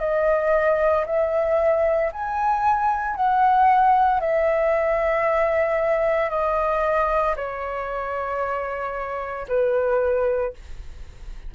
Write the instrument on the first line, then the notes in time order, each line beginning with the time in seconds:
flute
0.00 D#5
1.06 E5
2.12 G#5
3.16 F#5
4.21 E5
6.30 D#5
7.36 C#5
9.48 B4